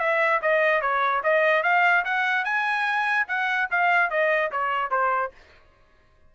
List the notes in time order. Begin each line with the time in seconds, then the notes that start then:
0.00 E5
0.42 D#5
0.82 C#5
1.24 D#5
1.64 F5
2.05 F#5
2.45 G#5
3.29 F#5
3.71 F5
4.11 D#5
4.52 C#5
4.91 C5